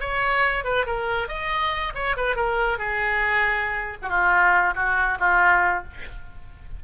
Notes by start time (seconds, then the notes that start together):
0.00 C#5
0.64 B4
0.86 A#4
1.28 D#5
1.95 C#5
2.17 B4
2.36 A#4
2.78 G#4
4.02 F#4
4.09 F4
4.75 F#4
5.19 F4